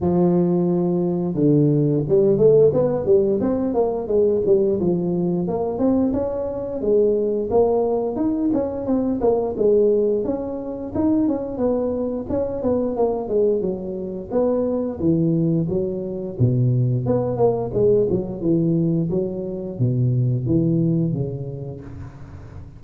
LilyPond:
\new Staff \with { instrumentName = "tuba" } { \time 4/4 \tempo 4 = 88 f2 d4 g8 a8 | b8 g8 c'8 ais8 gis8 g8 f4 | ais8 c'8 cis'4 gis4 ais4 | dis'8 cis'8 c'8 ais8 gis4 cis'4 |
dis'8 cis'8 b4 cis'8 b8 ais8 gis8 | fis4 b4 e4 fis4 | b,4 b8 ais8 gis8 fis8 e4 | fis4 b,4 e4 cis4 | }